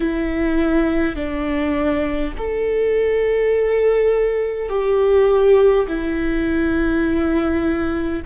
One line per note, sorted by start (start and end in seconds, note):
0.00 1.15 E4
1.15 2.33 D4
2.37 4.68 A4
4.68 5.86 G4
5.87 8.22 E4